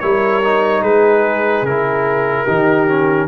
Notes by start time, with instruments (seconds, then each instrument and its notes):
0.00 tuba G3, trombone E4, horn A#4, trumpet C#5
0.43 trombone D#4
0.82 tuba G#3, horn G#4, trumpet B4
1.62 tuba C#3, trombone E4, trumpet A#4
2.44 tuba D#3, trombone D#4, horn G4
2.88 trombone C#4